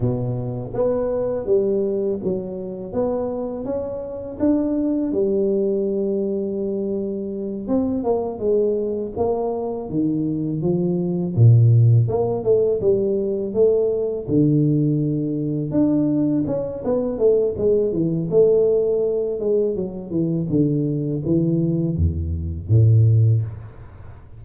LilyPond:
\new Staff \with { instrumentName = "tuba" } { \time 4/4 \tempo 4 = 82 b,4 b4 g4 fis4 | b4 cis'4 d'4 g4~ | g2~ g8 c'8 ais8 gis8~ | gis8 ais4 dis4 f4 ais,8~ |
ais,8 ais8 a8 g4 a4 d8~ | d4. d'4 cis'8 b8 a8 | gis8 e8 a4. gis8 fis8 e8 | d4 e4 e,4 a,4 | }